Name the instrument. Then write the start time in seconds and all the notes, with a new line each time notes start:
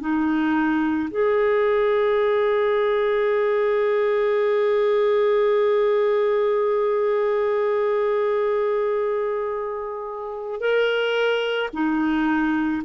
clarinet
0.00 D#4
1.11 G#4
10.61 A#4
11.73 D#4